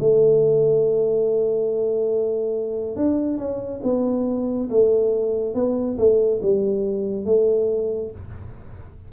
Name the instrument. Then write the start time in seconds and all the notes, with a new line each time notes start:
tuba
0.00 A3
2.96 D4
3.38 C#4
3.84 B3
4.70 A3
5.54 B3
5.98 A3
6.42 G3
7.25 A3